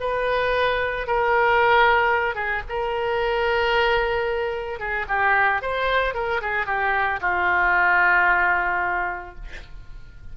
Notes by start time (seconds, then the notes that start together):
0.00 B4
1.06 A#4
2.34 G#4
2.69 A#4
4.79 G#4
5.08 G4
5.62 C5
6.14 A#4
6.41 G#4
6.66 G4
7.21 F4